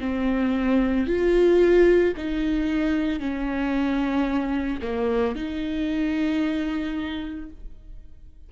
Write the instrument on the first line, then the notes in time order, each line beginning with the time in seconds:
viola
0.00 C4
1.07 F4
2.18 D#4
3.20 C#4
4.82 A#3
5.36 D#4